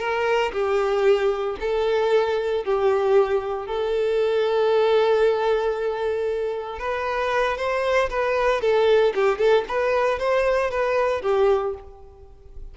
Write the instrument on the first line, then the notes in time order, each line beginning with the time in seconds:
violin
0.00 A#4
0.53 G4
1.61 A4
2.65 G4
3.67 A4
6.79 B4
7.58 C5
8.10 B4
8.61 A4
9.15 G4
9.39 A4
9.68 B4
10.20 C5
10.71 B4
11.22 G4